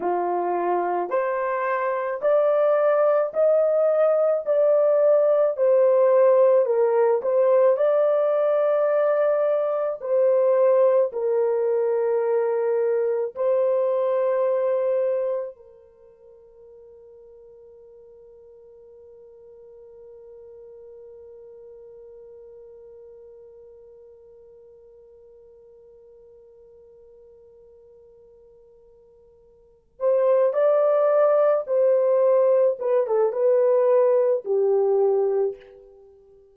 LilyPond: \new Staff \with { instrumentName = "horn" } { \time 4/4 \tempo 4 = 54 f'4 c''4 d''4 dis''4 | d''4 c''4 ais'8 c''8 d''4~ | d''4 c''4 ais'2 | c''2 ais'2~ |
ais'1~ | ais'1~ | ais'2. c''8 d''8~ | d''8 c''4 b'16 a'16 b'4 g'4 | }